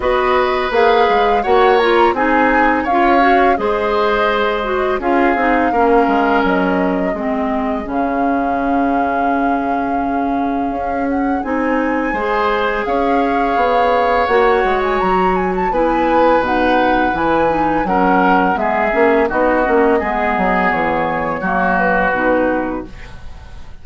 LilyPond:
<<
  \new Staff \with { instrumentName = "flute" } { \time 4/4 \tempo 4 = 84 dis''4 f''4 fis''8 ais''8 gis''4 | f''4 dis''2 f''4~ | f''4 dis''2 f''4~ | f''2.~ f''8 fis''8 |
gis''2 f''2 | fis''8. gis''16 ais''8 gis''16 a''16 gis''4 fis''4 | gis''4 fis''4 e''4 dis''4~ | dis''4 cis''4. b'4. | }
  \new Staff \with { instrumentName = "oboe" } { \time 4/4 b'2 cis''4 gis'4 | cis''4 c''2 gis'4 | ais'2 gis'2~ | gis'1~ |
gis'4 c''4 cis''2~ | cis''2 b'2~ | b'4 ais'4 gis'4 fis'4 | gis'2 fis'2 | }
  \new Staff \with { instrumentName = "clarinet" } { \time 4/4 fis'4 gis'4 fis'8 f'8 dis'4 | f'8 fis'8 gis'4. fis'8 f'8 dis'8 | cis'2 c'4 cis'4~ | cis'1 |
dis'4 gis'2. | fis'2 e'4 dis'4 | e'8 dis'8 cis'4 b8 cis'8 dis'8 cis'8 | b2 ais4 dis'4 | }
  \new Staff \with { instrumentName = "bassoon" } { \time 4/4 b4 ais8 gis8 ais4 c'4 | cis'4 gis2 cis'8 c'8 | ais8 gis8 fis4 gis4 cis4~ | cis2. cis'4 |
c'4 gis4 cis'4 b4 | ais8 gis8 fis4 b4 b,4 | e4 fis4 gis8 ais8 b8 ais8 | gis8 fis8 e4 fis4 b,4 | }
>>